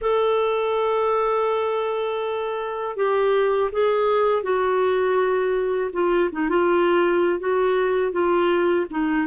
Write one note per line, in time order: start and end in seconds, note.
0.01 2.96 A4
2.96 3.70 G4
3.71 4.42 G#4
4.42 5.91 F#4
5.93 6.30 F4
6.32 6.48 D#4
6.48 7.39 F4
7.39 8.11 F#4
8.11 8.86 F4
8.90 9.27 D#4